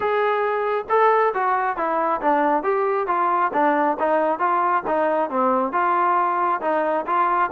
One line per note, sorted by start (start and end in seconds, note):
0.00 0.85 G#4
0.89 1.33 A4
1.34 1.76 F#4
1.76 2.21 E4
2.21 2.63 D4
2.63 3.07 G4
3.07 3.51 F4
3.53 3.97 D4
3.99 4.39 D#4
4.39 4.83 F4
4.86 5.29 D#4
5.29 5.72 C4
5.72 6.60 F4
6.61 7.05 D#4
7.06 7.50 F4